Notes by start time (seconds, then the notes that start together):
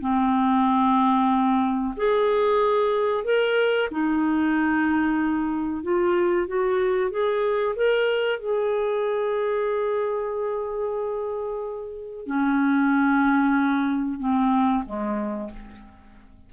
0.00 C4
1.96 G#4
3.24 A#4
3.91 D#4
5.83 F4
6.47 F#4
7.10 G#4
7.75 A#4
8.39 G#4
12.26 C#4
14.19 C4
14.85 G#3